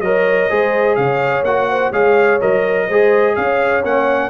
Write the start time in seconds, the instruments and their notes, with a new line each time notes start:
0.00 tuba F#3, trombone A#4, horn C#5, trumpet D#5
0.49 tuba G#3, trombone G#4, horn C5
0.95 tuba C#3, horn C#5, trumpet F5
1.42 tuba A#3, trombone F#4, trumpet F#5
1.70 horn C5
1.90 tuba G#3, trombone G#4, horn C#5, trumpet F5
2.40 tuba F#3, trombone A#4, trumpet D#5
2.86 tuba G#3, trombone G#4, horn C5
3.35 tuba C#4, horn C#5, trumpet F5
3.83 tuba A#3, trombone C#4, trumpet F#5